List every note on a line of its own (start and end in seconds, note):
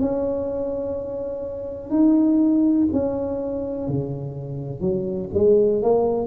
0.00 1.90 C#4
1.90 2.87 D#4
2.93 3.88 C#4
3.88 4.81 C#3
4.81 5.29 F#3
5.34 5.82 G#3
5.82 6.27 A#3